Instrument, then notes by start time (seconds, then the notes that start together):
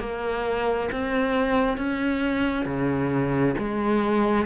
cello
0.00 A#3
0.92 C4
1.77 C#4
2.66 C#3
3.58 G#3